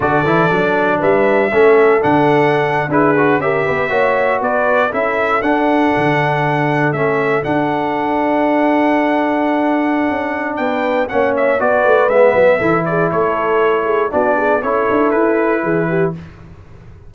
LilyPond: <<
  \new Staff \with { instrumentName = "trumpet" } { \time 4/4 \tempo 4 = 119 d''2 e''2 | fis''4.~ fis''16 b'4 e''4~ e''16~ | e''8. d''4 e''4 fis''4~ fis''16~ | fis''4.~ fis''16 e''4 fis''4~ fis''16~ |
fis''1~ | fis''4 g''4 fis''8 e''8 d''4 | e''4. d''8 cis''2 | d''4 cis''4 b'2 | }
  \new Staff \with { instrumentName = "horn" } { \time 4/4 a'2 b'4 a'4~ | a'4.~ a'16 gis'4 ais'8 b'8 cis''16~ | cis''8. b'4 a'2~ a'16~ | a'1~ |
a'1~ | a'4 b'4 cis''4 b'4~ | b'4 a'8 gis'8 a'4. gis'8 | fis'8 gis'8 a'2 gis'8 g'8 | }
  \new Staff \with { instrumentName = "trombone" } { \time 4/4 fis'8 e'8 d'2 cis'4 | d'4.~ d'16 e'8 fis'8 g'4 fis'16~ | fis'4.~ fis'16 e'4 d'4~ d'16~ | d'4.~ d'16 cis'4 d'4~ d'16~ |
d'1~ | d'2 cis'4 fis'4 | b4 e'2. | d'4 e'2. | }
  \new Staff \with { instrumentName = "tuba" } { \time 4/4 d8 e8 fis4 g4 a4 | d4.~ d16 d'4 cis'8 b8 ais16~ | ais8. b4 cis'4 d'4 d16~ | d4.~ d16 a4 d'4~ d'16~ |
d'1 | cis'4 b4 ais4 b8 a8 | gis8 fis8 e4 a2 | b4 cis'8 d'8 e'4 e4 | }
>>